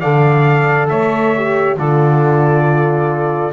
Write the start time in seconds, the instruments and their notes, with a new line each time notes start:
0.00 double bass D3, horn A4, saxophone D5, trumpet F5
0.89 double bass A3, saxophone C#5, trumpet E5
1.37 horn G4
1.77 double bass D3, horn F4, saxophone A4, trumpet D5